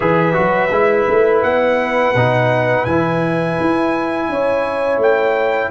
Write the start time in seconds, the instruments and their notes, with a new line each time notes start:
0.00 tuba E3, trombone G#4, horn B4, trumpet E5
0.33 tuba F#3, trombone F#4
0.70 tuba G#3, trombone E4
1.08 tuba A3
1.42 tuba B3, trumpet F#5
2.14 tuba B2, trombone D#4
2.85 tuba E3, trombone E4, trumpet G#5
3.60 tuba E4
4.28 tuba C#4, horn C#5
4.97 tuba A3, trumpet G5